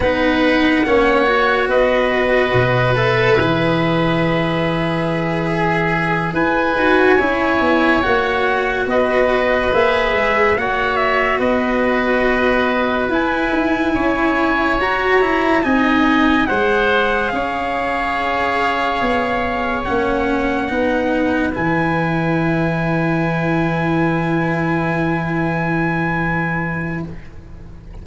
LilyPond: <<
  \new Staff \with { instrumentName = "trumpet" } { \time 4/4 \tempo 4 = 71 fis''2 dis''4. e''8~ | e''2.~ e''8 gis''8~ | gis''4. fis''4 dis''4 e''8~ | e''8 fis''8 e''8 dis''2 gis''8~ |
gis''4. ais''4 gis''4 fis''8~ | fis''8 f''2. fis''8~ | fis''4. gis''2~ gis''8~ | gis''1 | }
  \new Staff \with { instrumentName = "oboe" } { \time 4/4 b'4 cis''4 b'2~ | b'2~ b'8 gis'4 b'8~ | b'8 cis''2 b'4.~ | b'8 cis''4 b'2~ b'8~ |
b'8 cis''2 dis''4 c''8~ | c''8 cis''2.~ cis''8~ | cis''8 b'2.~ b'8~ | b'1 | }
  \new Staff \with { instrumentName = "cello" } { \time 4/4 dis'4 cis'8 fis'2 a'8 | gis'1 | fis'8 e'4 fis'2 gis'8~ | gis'8 fis'2. e'8~ |
e'4. fis'8 e'8 dis'4 gis'8~ | gis'2.~ gis'8 cis'8~ | cis'8 dis'4 e'2~ e'8~ | e'1 | }
  \new Staff \with { instrumentName = "tuba" } { \time 4/4 b4 ais4 b4 b,4 | e2.~ e8 e'8 | dis'8 cis'8 b8 ais4 b4 ais8 | gis8 ais4 b2 e'8 |
dis'8 cis'4 fis'4 c'4 gis8~ | gis8 cis'2 b4 ais8~ | ais8 b4 e2~ e8~ | e1 | }
>>